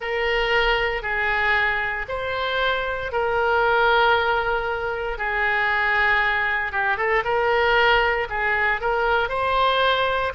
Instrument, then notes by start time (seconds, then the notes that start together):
oboe
0.00 A#4
1.02 G#4
2.08 C5
3.11 A#4
5.17 G#4
6.71 G4
6.97 A4
7.24 A#4
8.29 G#4
8.80 A#4
9.28 C5